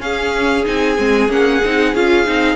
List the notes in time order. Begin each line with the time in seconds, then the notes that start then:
0.00 C#4 G#4 F5
0.64 C4 D#4 G#5
0.98 G#3 C4
1.28 A#3 C#4 F#5
1.64 C4 D#4
1.94 C#4 F4 F5
2.26 C4 D#4